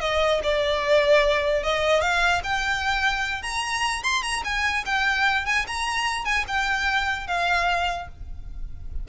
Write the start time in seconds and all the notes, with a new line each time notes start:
0.00 D#5
0.43 D5
1.63 D#5
2.01 F5
2.43 G5
3.42 A#5
4.03 C6
4.22 A#5
4.44 G#5
4.85 G5
5.45 G#5
5.67 A#5
6.25 G#5
6.47 G5
7.27 F5